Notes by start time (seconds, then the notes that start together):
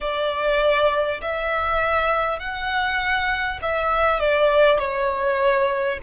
0.00 D5
1.21 E5
2.39 F#5
3.62 E5
4.19 D5
4.78 C#5